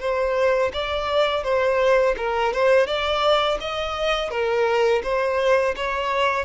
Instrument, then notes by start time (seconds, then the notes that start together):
violin
0.00 C5
0.73 D5
1.44 C5
2.17 A#4
2.53 C5
2.86 D5
3.60 D#5
4.31 A#4
5.03 C5
5.76 C#5